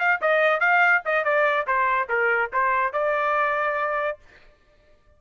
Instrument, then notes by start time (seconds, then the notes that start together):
trumpet
0.00 F5
0.22 D#5
0.61 F5
1.06 D#5
1.25 D5
1.67 C5
2.09 A#4
2.53 C5
2.93 D5